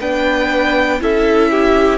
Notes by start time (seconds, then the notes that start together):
0.00 B3 D4 B4 G5
1.00 C#4 E4 A4 E5
1.51 G4